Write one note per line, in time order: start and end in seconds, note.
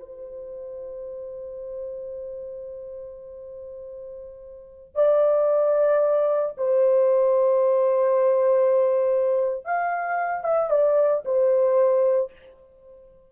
0.00 4.96 C5
4.96 6.56 D5
6.58 9.65 C5
9.65 10.44 F5
10.44 10.70 E5
10.70 11.24 D5
11.25 12.33 C5